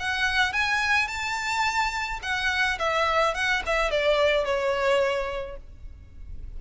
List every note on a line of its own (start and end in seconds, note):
0.00 0.53 F#5
0.53 1.08 G#5
1.08 2.20 A5
2.23 2.79 F#5
2.79 3.35 E5
3.35 3.63 F#5
3.66 3.91 E5
3.91 4.45 D5
4.45 5.57 C#5